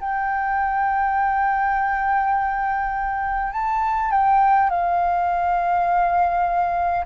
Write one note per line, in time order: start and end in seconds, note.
0.00 3.52 G5
3.52 4.11 A5
4.11 4.70 G5
4.70 7.05 F5